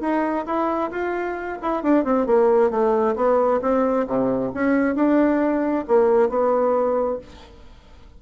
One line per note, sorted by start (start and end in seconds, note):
0.00 0.45 D#4
0.45 0.90 E4
0.90 1.58 F4
1.61 1.82 E4
1.82 2.04 D4
2.04 2.26 C4
2.26 2.70 A#3
2.70 3.15 A3
3.15 3.60 B3
3.61 4.06 C4
4.07 4.51 C3
4.53 4.95 C#4
4.95 5.85 D4
5.87 6.29 A#3
6.29 7.18 B3